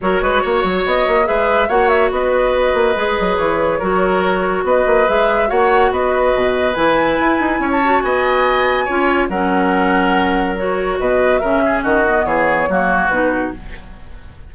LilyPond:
<<
  \new Staff \with { instrumentName = "flute" } { \time 4/4 \tempo 4 = 142 cis''2 dis''4 e''4 | fis''8 e''8 dis''2. | cis''2. dis''4 | e''4 fis''4 dis''2 |
gis''2~ gis''16 a''8. gis''4~ | gis''2 fis''2~ | fis''4 cis''4 dis''4 e''4 | dis''4 cis''2 b'4 | }
  \new Staff \with { instrumentName = "oboe" } { \time 4/4 ais'8 b'8 cis''2 b'4 | cis''4 b'2.~ | b'4 ais'2 b'4~ | b'4 cis''4 b'2~ |
b'2 cis''4 dis''4~ | dis''4 cis''4 ais'2~ | ais'2 b'4 ais'8 gis'8 | fis'4 gis'4 fis'2 | }
  \new Staff \with { instrumentName = "clarinet" } { \time 4/4 fis'2. gis'4 | fis'2. gis'4~ | gis'4 fis'2. | gis'4 fis'2. |
e'2~ e'8 fis'4.~ | fis'4 f'4 cis'2~ | cis'4 fis'2 cis'4~ | cis'8 b4. ais4 dis'4 | }
  \new Staff \with { instrumentName = "bassoon" } { \time 4/4 fis8 gis8 ais8 fis8 b8 ais8 gis4 | ais4 b4. ais8 gis8 fis8 | e4 fis2 b8 ais8 | gis4 ais4 b4 b,4 |
e4 e'8 dis'8 cis'4 b4~ | b4 cis'4 fis2~ | fis2 b,4 cis4 | dis4 e4 fis4 b,4 | }
>>